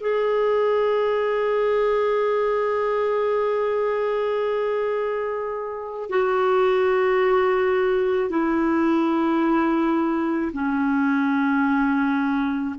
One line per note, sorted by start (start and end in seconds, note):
0.00 6.10 G#4
6.10 8.29 F#4
8.29 10.52 E4
10.53 12.75 C#4